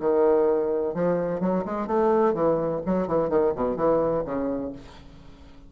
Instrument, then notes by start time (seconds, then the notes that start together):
bassoon
0.00 D#3
0.94 F3
1.40 F#3
1.65 G#3
1.87 A3
2.34 E3
2.86 F#3
3.08 E3
3.29 D#3
3.56 B2
3.76 E3
4.25 C#3